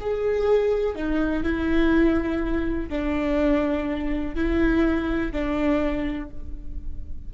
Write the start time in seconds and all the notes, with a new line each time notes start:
0.00 G#4
0.95 D#4
1.43 E4
2.89 D4
4.35 E4
5.32 D4